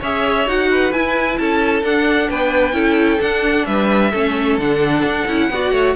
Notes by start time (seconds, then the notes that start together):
0.00 C#4 G#4 C#5 E5
0.47 D#4 F#4 F#5
0.71 B4
0.93 E4 G#5
1.38 C#4 A4 A5
1.83 D4 F#5
2.30 B3 B4 G5
2.73 C#4 E4 A4
3.21 D4 F#5
3.66 G3 B4 E5
4.12 A3 C#4 A4
4.58 D3 D4 F#5
5.05 D4
5.28 C#4 E4
5.50 B3 F#4 D5
5.72 A3 C#5